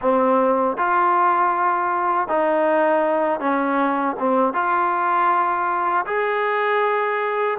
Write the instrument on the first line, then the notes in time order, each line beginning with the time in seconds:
trombone
0.01 C4
0.77 F4
2.28 D#4
3.40 C#4
4.19 C4
4.53 F4
6.06 G#4